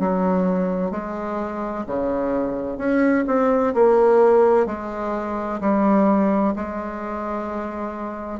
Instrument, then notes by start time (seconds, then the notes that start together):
bassoon
0.00 F#3
0.91 G#3
1.87 C#3
2.78 C#4
3.27 C4
3.74 A#3
4.66 G#3
5.60 G3
6.56 G#3